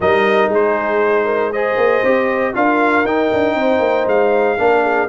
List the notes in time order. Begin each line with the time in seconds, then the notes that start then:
0.00 G3 D#4 A#4 D#5
0.48 G#3 G#4 C5
1.25 A#4
1.52 G#4 C5 D#5
1.76 A#3
2.03 C4 G4
2.53 D4 F4 A#4 F5
3.04 D#4 G5
3.33 D4
3.54 C4 C5
3.79 A#3
4.06 G#3 F5
4.58 A#3 D4 A#4
4.83 G#4